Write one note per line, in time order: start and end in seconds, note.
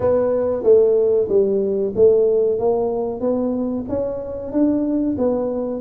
0.00 0.63 B3
0.63 1.27 A3
1.28 1.93 G3
1.95 2.58 A3
2.58 3.20 A#3
3.20 3.84 B3
3.89 4.52 C#4
4.52 5.16 D4
5.18 5.80 B3